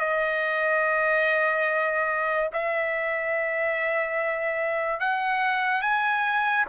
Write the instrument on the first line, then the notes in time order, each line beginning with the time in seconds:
trumpet
0.00 D#5
2.52 E5
5.00 F#5
5.81 G#5